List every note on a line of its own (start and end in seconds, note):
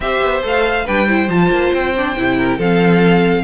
0.00 0.21 C4
0.00 0.42 G4
0.00 0.85 C5
0.00 0.44 E5
0.21 0.43 B3
0.42 0.87 A3
0.42 0.85 A4
0.42 0.87 F5
0.85 1.28 G3
0.85 1.07 D4
0.85 1.06 B4
0.85 1.29 G5
1.06 1.29 E4
1.06 2.36 C5
1.28 1.50 F3
1.28 1.95 F4
1.28 1.72 A5
1.50 1.71 A#3
1.73 2.16 C4
1.73 2.60 G5
1.96 2.16 D4
2.16 2.57 C3
2.16 2.59 E4
2.37 2.57 A#4
2.57 3.43 F3
2.57 3.43 C4
2.57 3.43 A4
2.57 3.43 F5